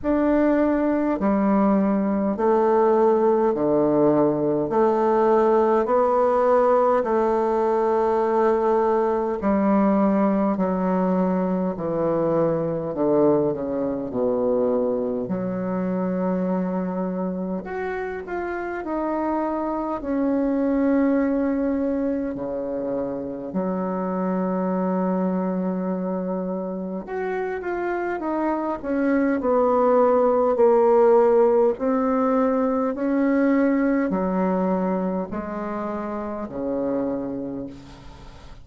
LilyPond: \new Staff \with { instrumentName = "bassoon" } { \time 4/4 \tempo 4 = 51 d'4 g4 a4 d4 | a4 b4 a2 | g4 fis4 e4 d8 cis8 | b,4 fis2 fis'8 f'8 |
dis'4 cis'2 cis4 | fis2. fis'8 f'8 | dis'8 cis'8 b4 ais4 c'4 | cis'4 fis4 gis4 cis4 | }